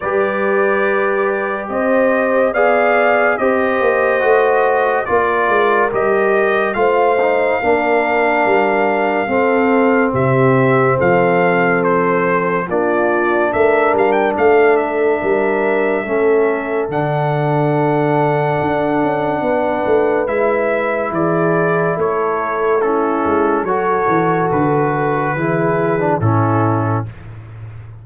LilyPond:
<<
  \new Staff \with { instrumentName = "trumpet" } { \time 4/4 \tempo 4 = 71 d''2 dis''4 f''4 | dis''2 d''4 dis''4 | f''1 | e''4 f''4 c''4 d''4 |
e''8 f''16 g''16 f''8 e''2~ e''8 | fis''1 | e''4 d''4 cis''4 a'4 | cis''4 b'2 a'4 | }
  \new Staff \with { instrumentName = "horn" } { \time 4/4 b'2 c''4 d''4 | c''2 ais'2 | c''4 ais'2 a'4 | g'4 a'2 f'4 |
ais'4 a'4 ais'4 a'4~ | a'2. b'4~ | b'4 gis'4 a'4 e'4 | a'2 gis'4 e'4 | }
  \new Staff \with { instrumentName = "trombone" } { \time 4/4 g'2. gis'4 | g'4 fis'4 f'4 g'4 | f'8 dis'8 d'2 c'4~ | c'2. d'4~ |
d'2. cis'4 | d'1 | e'2. cis'4 | fis'2 e'8. d'16 cis'4 | }
  \new Staff \with { instrumentName = "tuba" } { \time 4/4 g2 c'4 b4 | c'8 ais8 a4 ais8 gis8 g4 | a4 ais4 g4 c'4 | c4 f2 ais4 |
a8 g8 a4 g4 a4 | d2 d'8 cis'8 b8 a8 | gis4 e4 a4. gis8 | fis8 e8 d4 e4 a,4 | }
>>